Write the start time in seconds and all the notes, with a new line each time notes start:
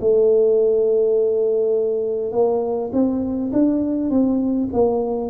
0.00 A3
2.32 A#3
2.93 C4
3.52 D4
4.10 C4
4.73 A#3